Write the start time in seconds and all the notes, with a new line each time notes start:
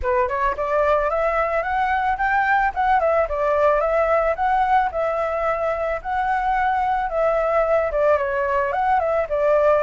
0.02 B4
0.28 C#5
0.57 D5
1.10 E5
1.62 F#5
2.17 G5
2.74 F#5
3.00 E5
3.29 D5
3.80 E5
4.35 F#5
4.91 E5
6.02 F#5
7.09 E5
7.91 D5
8.17 C#5
8.72 F#5
8.99 E5
9.29 D5